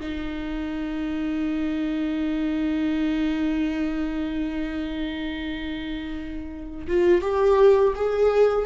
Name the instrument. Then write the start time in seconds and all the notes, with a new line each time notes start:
viola
0.00 D#4
6.88 F4
7.22 G4
7.96 G#4